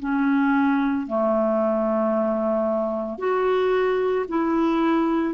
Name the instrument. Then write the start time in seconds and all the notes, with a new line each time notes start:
clarinet
0.00 C#4
1.07 A3
3.19 F#4
4.29 E4